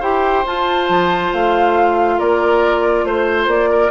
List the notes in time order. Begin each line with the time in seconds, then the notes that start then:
0.00 E4 G4 C5 G5
0.46 F4 A5
0.89 F3
1.33 A3 F5
2.19 A#3 A#4 D5
3.04 A3 C5
3.47 A#3 D5
3.70 A#4